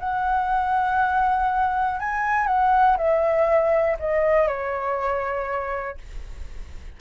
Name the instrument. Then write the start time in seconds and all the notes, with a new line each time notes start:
flute
0.00 F#5
2.00 G#5
2.47 F#5
2.97 E5
3.99 D#5
4.48 C#5